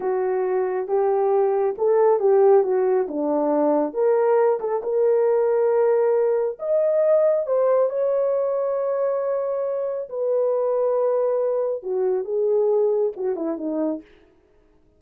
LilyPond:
\new Staff \with { instrumentName = "horn" } { \time 4/4 \tempo 4 = 137 fis'2 g'2 | a'4 g'4 fis'4 d'4~ | d'4 ais'4. a'8 ais'4~ | ais'2. dis''4~ |
dis''4 c''4 cis''2~ | cis''2. b'4~ | b'2. fis'4 | gis'2 fis'8 e'8 dis'4 | }